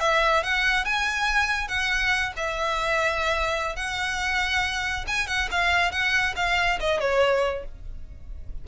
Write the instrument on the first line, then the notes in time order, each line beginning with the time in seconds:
violin
0.00 E5
0.43 F#5
0.85 G#5
1.68 F#5
2.36 E5
3.76 F#5
5.07 G#5
5.27 F#5
5.51 F5
5.91 F#5
6.36 F5
6.80 D#5
7.00 C#5